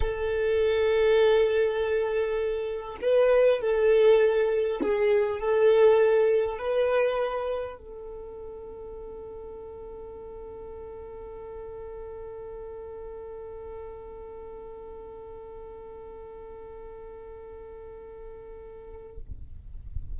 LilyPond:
\new Staff \with { instrumentName = "violin" } { \time 4/4 \tempo 4 = 100 a'1~ | a'4 b'4 a'2 | gis'4 a'2 b'4~ | b'4 a'2.~ |
a'1~ | a'1~ | a'1~ | a'1 | }